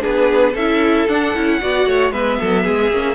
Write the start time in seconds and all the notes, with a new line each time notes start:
0.00 B3 D4 G#4 B4
0.53 C#4 E4 A4 E5
1.08 D4 F#5
1.34 C#4 E4
1.60 B3 F#4 D5
1.86 A3 C#5
2.11 G#3 B3 B4 E5
2.40 F#3 A4
2.63 G#3 G#4
2.90 A#3 C#4